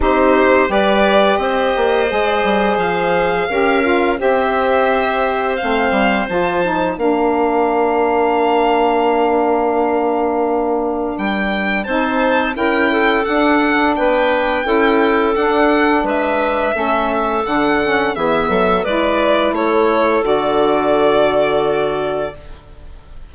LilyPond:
<<
  \new Staff \with { instrumentName = "violin" } { \time 4/4 \tempo 4 = 86 c''4 d''4 dis''2 | f''2 e''2 | f''4 a''4 f''2~ | f''1 |
g''4 a''4 g''4 fis''4 | g''2 fis''4 e''4~ | e''4 fis''4 e''4 d''4 | cis''4 d''2. | }
  \new Staff \with { instrumentName = "clarinet" } { \time 4/4 g'4 b'4 c''2~ | c''4 ais'4 c''2~ | c''2 ais'2~ | ais'1~ |
ais'4 c''4 ais'8 a'4. | b'4 a'2 b'4 | a'2 gis'8 a'8 b'4 | a'1 | }
  \new Staff \with { instrumentName = "saxophone" } { \time 4/4 dis'4 g'2 gis'4~ | gis'4 g'8 f'8 g'2 | c'4 f'8 dis'8 d'2~ | d'1~ |
d'4 dis'4 e'4 d'4~ | d'4 e'4 d'2 | cis'4 d'8 cis'8 b4 e'4~ | e'4 fis'2. | }
  \new Staff \with { instrumentName = "bassoon" } { \time 4/4 c'4 g4 c'8 ais8 gis8 g8 | f4 cis'4 c'2 | a8 g8 f4 ais2~ | ais1 |
g4 c'4 cis'4 d'4 | b4 cis'4 d'4 gis4 | a4 d4 e8 fis8 gis4 | a4 d2. | }
>>